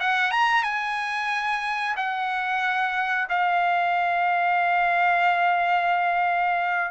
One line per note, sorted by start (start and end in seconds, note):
0.00 0.31 F#5
0.31 0.63 A#5
0.63 1.95 G#5
1.96 3.28 F#5
3.29 6.91 F5